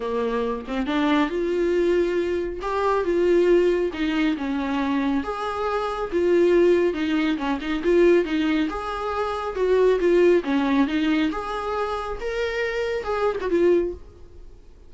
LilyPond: \new Staff \with { instrumentName = "viola" } { \time 4/4 \tempo 4 = 138 ais4. c'8 d'4 f'4~ | f'2 g'4 f'4~ | f'4 dis'4 cis'2 | gis'2 f'2 |
dis'4 cis'8 dis'8 f'4 dis'4 | gis'2 fis'4 f'4 | cis'4 dis'4 gis'2 | ais'2 gis'8. fis'16 f'4 | }